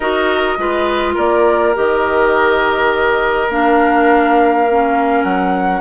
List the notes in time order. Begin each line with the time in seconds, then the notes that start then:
0.00 D#4 F#4 A#4 D#5
0.58 G#3 F4 B4
1.14 A#3 A#4 D5
1.74 D#3 G4 D#5
3.48 A#3 D4 F5
4.70 C#4
5.23 F#3 F#5